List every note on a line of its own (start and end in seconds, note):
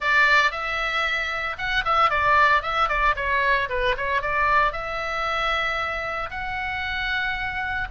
0.00 0.51 D5
0.51 1.56 E5
1.57 1.84 F#5
1.84 2.10 E5
2.10 2.62 D5
2.62 2.89 E5
2.89 3.15 D5
3.16 3.68 C#5
3.69 3.95 B4
3.97 4.21 C#5
4.21 4.72 D5
4.72 6.30 E5
6.30 7.88 F#5